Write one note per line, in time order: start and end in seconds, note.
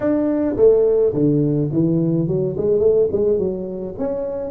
0.00 0.55 D4
0.56 1.13 A3
1.13 1.70 D3
1.72 2.27 E3
2.27 2.55 F#3
2.57 2.79 G#3
2.79 3.08 A3
3.12 3.38 G#3
3.38 3.94 F#3
3.98 4.50 C#4